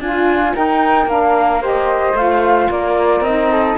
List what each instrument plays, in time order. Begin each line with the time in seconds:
0.00 cello D4, flute F4 G#5, saxophone F4
0.55 saxophone D#4, cello D#4, flute A#4 G5
1.06 cello A#3, saxophone D4, flute F5
1.61 saxophone G4, flute C5 D#5
2.14 cello A3, saxophone F4, flute F5
2.71 cello A#3, flute A#4 D5
3.21 cello C4, saxophone D#4, flute D#5
3.52 flute A4